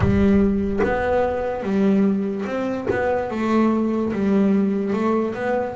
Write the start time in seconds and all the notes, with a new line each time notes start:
0.00 G3
0.83 B3
1.62 G3
2.46 C4
2.90 B3
3.30 A3
4.12 G3
4.93 A3
5.34 B3